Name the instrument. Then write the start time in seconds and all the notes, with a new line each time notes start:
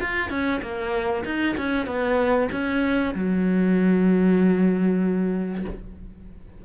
cello
0.00 F4
0.30 C#4
0.62 A#3
1.25 D#4
1.57 C#4
1.86 B3
2.51 C#4
3.15 F#3